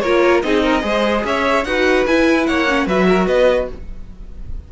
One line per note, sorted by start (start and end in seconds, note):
0.00 0.43 A#3
0.00 0.43 F4
0.00 0.43 A#4
0.00 0.41 C#5
0.42 0.83 C4
0.42 0.81 D#4
0.42 0.63 G#4
0.42 1.24 D#5
0.63 0.83 A#4
0.81 1.24 G#3
0.81 1.62 G#4
0.81 1.24 C5
1.24 1.65 C#4
1.24 1.67 C#5
1.24 1.64 E5
1.64 2.05 D#4
1.64 2.08 F#4
1.64 2.48 B4
1.64 2.05 F#5
2.06 2.48 E4
2.06 2.68 E4
2.06 2.46 G#5
2.46 2.86 A#3
2.46 2.87 C#5
2.46 2.87 F#5
2.68 2.88 C#4
2.86 3.27 F#3
2.86 3.72 F#4
2.86 3.07 B4
2.86 3.27 E5
3.09 3.27 A#4
3.27 3.68 B3
3.27 3.68 B4
3.27 3.68 D#5